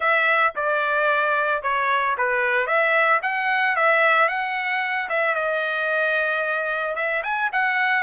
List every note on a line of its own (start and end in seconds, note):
0.00 0.53 E5
0.55 1.62 D5
1.62 2.16 C#5
2.17 2.66 B4
2.66 3.20 E5
3.22 3.75 F#5
3.76 4.28 E5
4.28 5.08 F#5
5.09 5.34 E5
5.34 6.95 D#5
6.95 7.22 E5
7.23 7.50 G#5
7.52 8.03 F#5